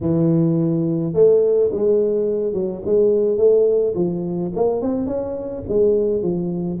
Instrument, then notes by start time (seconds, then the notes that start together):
tuba
0.00 E3
1.13 A3
1.71 G#3
2.53 F#3
2.85 G#3
3.37 A3
3.95 F3
4.55 A#3
4.81 C4
5.06 C#4
5.68 G#3
6.22 F3